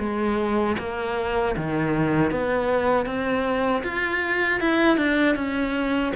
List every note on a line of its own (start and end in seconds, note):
0.00 0.77 G#3
0.79 1.56 A#3
1.57 2.32 D#3
2.32 3.06 B3
3.06 3.83 C4
3.84 4.61 F4
4.61 4.98 E4
4.98 5.36 D4
5.36 6.13 C#4